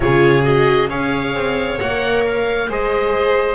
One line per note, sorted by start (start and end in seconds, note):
0.00 0.89 C#3
0.00 0.42 F4
0.00 0.89 G#4
0.00 0.43 C#5
0.43 0.88 F#4
0.43 0.89 D#5
0.89 1.34 C#4
0.89 1.78 G#4
0.89 2.68 C#5
0.89 1.79 F5
1.34 1.79 C4
1.78 2.69 A#3
1.78 2.68 A#4
1.78 2.24 F#5
2.26 2.71 F5
2.68 3.55 G#3
2.68 3.55 G#4
2.68 3.55 C5
2.68 3.55 D#5